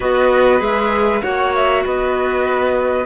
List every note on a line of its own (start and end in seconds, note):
0.00 0.60 B3
0.00 0.59 F#4
0.00 1.21 B4
0.00 0.61 D#5
0.59 1.22 G#3
0.59 1.20 G#4
0.59 1.22 E5
1.21 1.85 A#3
1.21 3.05 F#4
1.21 1.83 C#5
1.21 1.53 F#5
1.54 1.85 E5
1.84 3.05 B3
1.84 3.05 B4
1.84 3.05 D#5